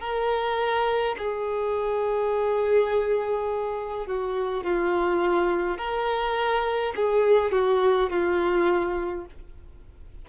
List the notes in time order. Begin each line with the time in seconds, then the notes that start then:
0.00 A#4
1.18 G#4
4.06 F#4
4.64 F4
5.78 A#4
6.95 G#4
7.52 F#4
8.10 F4